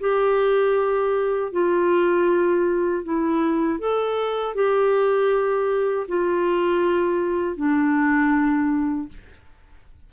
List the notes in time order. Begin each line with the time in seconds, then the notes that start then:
0.00 G4
1.52 F4
3.04 E4
3.79 A4
4.55 G4
6.08 F4
7.56 D4